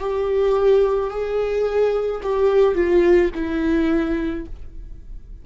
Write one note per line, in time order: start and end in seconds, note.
0.00 1.11 G4
1.11 2.22 G#4
2.23 2.75 G4
2.75 3.31 F4
3.35 4.46 E4